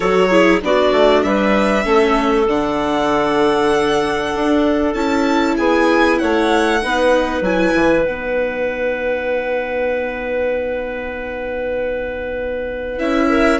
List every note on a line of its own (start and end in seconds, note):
0.00 0.62 F#3
0.00 0.30 F#4
0.00 0.27 A4
0.00 0.60 C#5
0.29 0.61 E4
0.29 0.60 G#4
0.61 0.92 B3
0.61 1.83 D4
0.61 1.25 F#4
0.61 1.22 D5
0.92 1.23 A3
1.22 1.85 G3
1.22 1.85 B4
1.22 2.46 E5
1.83 2.47 A3
1.83 2.45 C#4
1.83 5.56 A4
2.47 4.32 D3
2.47 4.95 D4
2.47 4.93 F#5
4.34 4.94 D4
4.93 5.56 C#4
4.93 6.80 E4
4.93 5.55 A5
5.57 6.20 B3
5.57 6.19 G#4
5.57 6.18 G#5
6.18 6.83 A3
6.18 6.81 C#5
6.18 7.42 F#5
6.82 7.41 B3
6.82 7.43 D#4
6.82 13.29 B4
7.41 7.72 F#3
7.41 8.04 E4
7.41 8.05 G#5
7.74 8.05 E3
8.04 12.98 B3
8.04 12.98 D#4
8.04 12.99 F#5
12.98 13.59 C#4
12.98 13.59 E4
12.98 13.59 E5
13.29 13.59 A#4